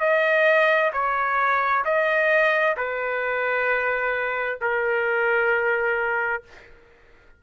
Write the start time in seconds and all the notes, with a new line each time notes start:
0.00 D#5
0.93 C#5
1.85 D#5
2.76 B4
4.61 A#4